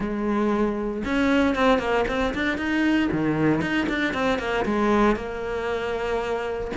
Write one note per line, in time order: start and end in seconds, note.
0.00 1.03 G#3
1.04 1.55 C#4
1.55 1.78 C4
1.78 2.04 A#3
2.08 2.34 C4
2.34 2.57 D4
2.57 3.09 D#4
3.12 3.61 D#3
3.61 3.87 D#4
3.89 4.13 D4
4.13 4.38 C4
4.38 4.64 A#3
4.65 5.16 G#3
5.16 6.71 A#3